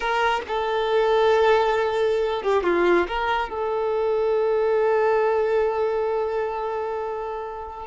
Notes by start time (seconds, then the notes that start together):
0.00 A#4
0.47 A4
2.42 G4
2.63 F4
3.07 A#4
3.49 A4